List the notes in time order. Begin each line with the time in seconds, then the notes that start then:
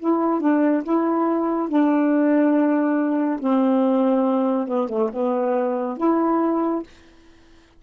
0.00 E4
0.41 D4
0.84 E4
1.69 D4
3.40 C4
4.68 B3
4.89 A3
5.13 B3
5.98 E4